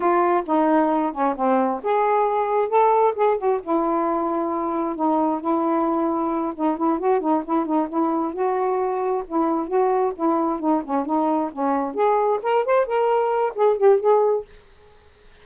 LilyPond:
\new Staff \with { instrumentName = "saxophone" } { \time 4/4 \tempo 4 = 133 f'4 dis'4. cis'8 c'4 | gis'2 a'4 gis'8 fis'8 | e'2. dis'4 | e'2~ e'8 dis'8 e'8 fis'8 |
dis'8 e'8 dis'8 e'4 fis'4.~ | fis'8 e'4 fis'4 e'4 dis'8 | cis'8 dis'4 cis'4 gis'4 ais'8 | c''8 ais'4. gis'8 g'8 gis'4 | }